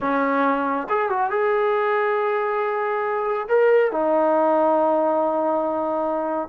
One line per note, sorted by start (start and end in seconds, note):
0.00 0.87 C#4
0.89 1.09 G#4
1.09 1.30 F#4
1.30 3.47 G#4
3.48 3.91 A#4
3.91 6.48 D#4